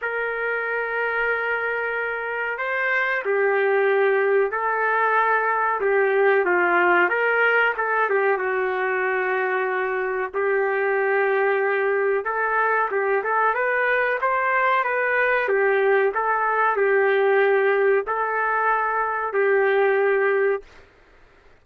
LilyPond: \new Staff \with { instrumentName = "trumpet" } { \time 4/4 \tempo 4 = 93 ais'1 | c''4 g'2 a'4~ | a'4 g'4 f'4 ais'4 | a'8 g'8 fis'2. |
g'2. a'4 | g'8 a'8 b'4 c''4 b'4 | g'4 a'4 g'2 | a'2 g'2 | }